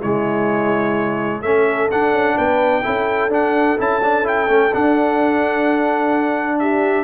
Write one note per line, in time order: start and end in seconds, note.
0.00 1.42 C#3
0.00 1.44 G#3
0.00 1.41 E4
0.00 1.42 C#5
1.42 1.89 A3
1.42 1.91 C#4
1.42 2.37 A4
1.42 1.89 E5
1.91 2.83 D4
1.91 2.12 D4
1.91 2.38 F#5
2.12 2.36 C#4
2.37 2.84 B3
2.37 2.82 B4
2.37 3.32 G5
2.82 3.28 C#4
2.82 3.30 E4
2.82 6.57 A4
3.28 3.75 D4
3.28 3.77 D4
3.28 3.80 F#5
3.78 4.48 C#4
3.78 4.01 E4
3.78 4.27 A5
4.03 4.24 D4
4.24 4.47 E4
4.24 4.74 G5
4.48 4.72 A3
4.48 4.71 C#4
4.73 7.04 D4
4.73 6.59 F#5
6.59 7.04 G4
6.59 7.04 E5